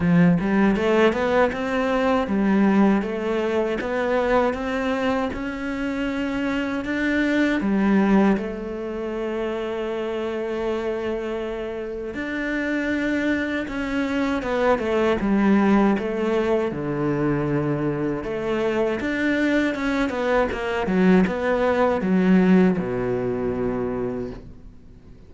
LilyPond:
\new Staff \with { instrumentName = "cello" } { \time 4/4 \tempo 4 = 79 f8 g8 a8 b8 c'4 g4 | a4 b4 c'4 cis'4~ | cis'4 d'4 g4 a4~ | a1 |
d'2 cis'4 b8 a8 | g4 a4 d2 | a4 d'4 cis'8 b8 ais8 fis8 | b4 fis4 b,2 | }